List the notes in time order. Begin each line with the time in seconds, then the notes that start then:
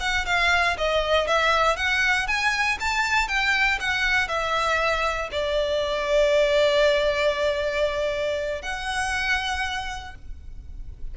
0.00 F#5
0.26 F5
0.77 D#5
1.27 E5
1.76 F#5
2.27 G#5
2.80 A5
3.28 G5
3.80 F#5
4.28 E5
5.31 D5
8.62 F#5